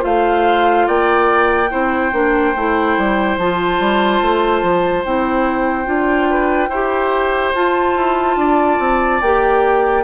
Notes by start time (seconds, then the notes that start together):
0.00 A3 F4 C5 F5
0.87 A#3 D5 G5
1.70 C4 E4 C5
2.12 A#3 D4
2.56 A3 E4
2.98 G3
3.37 F3 F4 A5
3.79 G3
4.22 A3
4.62 F3
5.05 C4 E4 G5
5.85 D4 F4
6.30 B4
6.69 E4 G4 C5
7.54 F4 A5
7.96 E4
8.36 D4 D5
8.79 C4
9.21 A#3 G4 G5